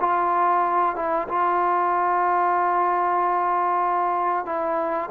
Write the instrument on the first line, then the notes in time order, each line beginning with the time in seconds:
trombone
0.00 F4
0.96 E4
1.28 F4
4.45 E4